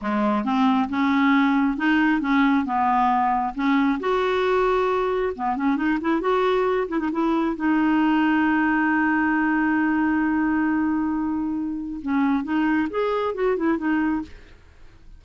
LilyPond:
\new Staff \with { instrumentName = "clarinet" } { \time 4/4 \tempo 4 = 135 gis4 c'4 cis'2 | dis'4 cis'4 b2 | cis'4 fis'2. | b8 cis'8 dis'8 e'8 fis'4. e'16 dis'16 |
e'4 dis'2.~ | dis'1~ | dis'2. cis'4 | dis'4 gis'4 fis'8 e'8 dis'4 | }